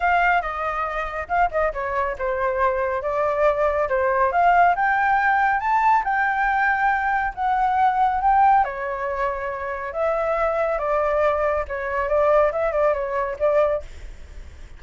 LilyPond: \new Staff \with { instrumentName = "flute" } { \time 4/4 \tempo 4 = 139 f''4 dis''2 f''8 dis''8 | cis''4 c''2 d''4~ | d''4 c''4 f''4 g''4~ | g''4 a''4 g''2~ |
g''4 fis''2 g''4 | cis''2. e''4~ | e''4 d''2 cis''4 | d''4 e''8 d''8 cis''4 d''4 | }